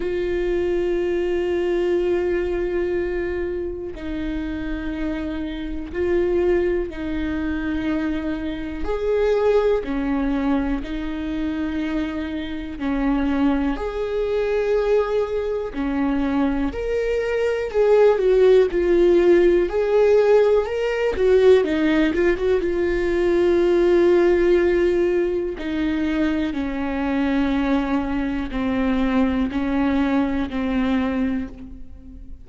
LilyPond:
\new Staff \with { instrumentName = "viola" } { \time 4/4 \tempo 4 = 61 f'1 | dis'2 f'4 dis'4~ | dis'4 gis'4 cis'4 dis'4~ | dis'4 cis'4 gis'2 |
cis'4 ais'4 gis'8 fis'8 f'4 | gis'4 ais'8 fis'8 dis'8 f'16 fis'16 f'4~ | f'2 dis'4 cis'4~ | cis'4 c'4 cis'4 c'4 | }